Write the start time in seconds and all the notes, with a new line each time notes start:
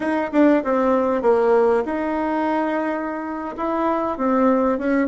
0.00 D#4
0.32 D4
0.64 C4
1.21 A#3
1.85 D#4
3.57 E4
4.17 C4
4.78 C#4